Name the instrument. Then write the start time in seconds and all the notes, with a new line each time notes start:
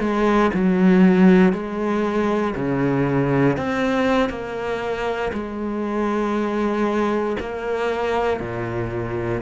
cello
0.00 G#3
0.54 F#3
1.53 G#3
2.56 C#3
3.57 C4
4.30 A#3
5.33 G#3
7.40 A#3
8.40 A#2